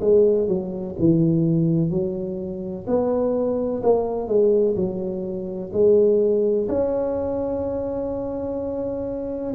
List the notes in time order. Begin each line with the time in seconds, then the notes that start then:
0.00 G#3
0.48 F#3
0.99 E3
1.90 F#3
2.87 B3
3.83 A#3
4.27 G#3
4.75 F#3
5.72 G#3
6.68 C#4